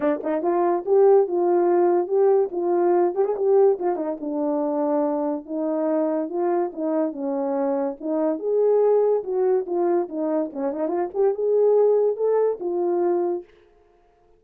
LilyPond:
\new Staff \with { instrumentName = "horn" } { \time 4/4 \tempo 4 = 143 d'8 dis'8 f'4 g'4 f'4~ | f'4 g'4 f'4. g'16 gis'16 | g'4 f'8 dis'8 d'2~ | d'4 dis'2 f'4 |
dis'4 cis'2 dis'4 | gis'2 fis'4 f'4 | dis'4 cis'8 dis'8 f'8 g'8 gis'4~ | gis'4 a'4 f'2 | }